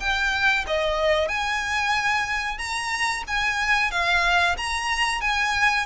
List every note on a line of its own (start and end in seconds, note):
0.00 0.65 G5
0.67 1.28 D#5
1.28 2.58 G#5
2.58 3.23 A#5
3.27 3.91 G#5
3.91 4.56 F5
4.57 5.21 A#5
5.21 5.86 G#5